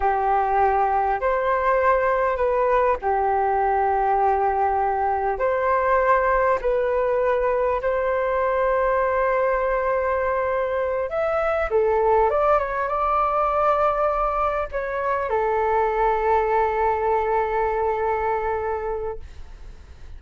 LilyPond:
\new Staff \with { instrumentName = "flute" } { \time 4/4 \tempo 4 = 100 g'2 c''2 | b'4 g'2.~ | g'4 c''2 b'4~ | b'4 c''2.~ |
c''2~ c''8 e''4 a'8~ | a'8 d''8 cis''8 d''2~ d''8~ | d''8 cis''4 a'2~ a'8~ | a'1 | }